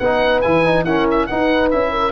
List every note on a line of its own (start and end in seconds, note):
0.00 0.43 B3
0.00 0.44 D#4
0.00 0.86 B4
0.00 0.41 F#5
0.41 0.85 E3
0.41 0.65 E4
0.41 0.84 G#5
0.65 0.86 D#4
0.85 1.30 C#4
0.85 1.27 E4
0.85 1.29 A#4
0.85 1.07 F#5
1.11 1.27 E5
1.27 1.73 D#4
1.27 1.92 B4
1.27 1.69 F#5
1.71 2.12 C#4
1.71 2.12 E4
1.71 2.12 E5
1.92 2.12 A#4